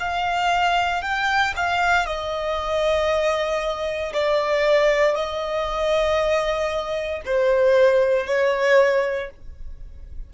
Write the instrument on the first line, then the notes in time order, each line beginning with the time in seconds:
violin
0.00 F5
1.02 G5
1.57 F5
2.06 D#5
4.14 D5
5.15 D#5
7.26 C5
8.27 C#5